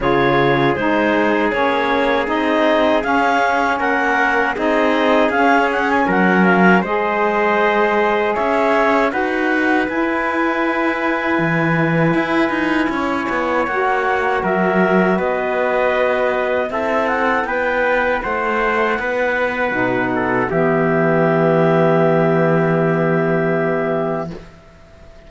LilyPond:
<<
  \new Staff \with { instrumentName = "clarinet" } { \time 4/4 \tempo 4 = 79 cis''4 c''4 cis''4 dis''4 | f''4 fis''4 dis''4 f''8 fis''16 gis''16 | fis''8 f''8 dis''2 e''4 | fis''4 gis''2.~ |
gis''2 fis''4 e''4 | dis''2 e''8 fis''8 g''4 | fis''2. e''4~ | e''1 | }
  \new Staff \with { instrumentName = "trumpet" } { \time 4/4 gis'1~ | gis'4 ais'4 gis'2 | ais'4 c''2 cis''4 | b'1~ |
b'4 cis''2 ais'4 | b'2 a'4 b'4 | c''4 b'4. a'8 g'4~ | g'1 | }
  \new Staff \with { instrumentName = "saxophone" } { \time 4/4 f'4 dis'4 cis'4 dis'4 | cis'2 dis'4 cis'4~ | cis'4 gis'2. | fis'4 e'2.~ |
e'2 fis'2~ | fis'2 e'2~ | e'2 dis'4 b4~ | b1 | }
  \new Staff \with { instrumentName = "cello" } { \time 4/4 cis4 gis4 ais4 c'4 | cis'4 ais4 c'4 cis'4 | fis4 gis2 cis'4 | dis'4 e'2 e4 |
e'8 dis'8 cis'8 b8 ais4 fis4 | b2 c'4 b4 | a4 b4 b,4 e4~ | e1 | }
>>